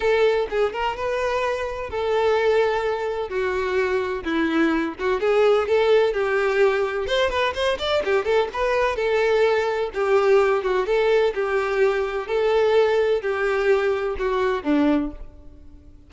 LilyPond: \new Staff \with { instrumentName = "violin" } { \time 4/4 \tempo 4 = 127 a'4 gis'8 ais'8 b'2 | a'2. fis'4~ | fis'4 e'4. fis'8 gis'4 | a'4 g'2 c''8 b'8 |
c''8 d''8 g'8 a'8 b'4 a'4~ | a'4 g'4. fis'8 a'4 | g'2 a'2 | g'2 fis'4 d'4 | }